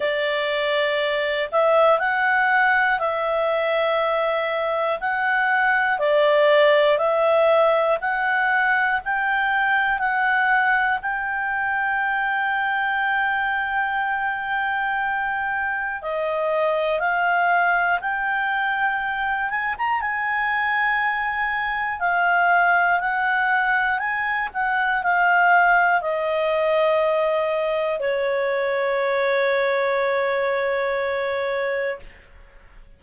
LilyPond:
\new Staff \with { instrumentName = "clarinet" } { \time 4/4 \tempo 4 = 60 d''4. e''8 fis''4 e''4~ | e''4 fis''4 d''4 e''4 | fis''4 g''4 fis''4 g''4~ | g''1 |
dis''4 f''4 g''4. gis''16 ais''16 | gis''2 f''4 fis''4 | gis''8 fis''8 f''4 dis''2 | cis''1 | }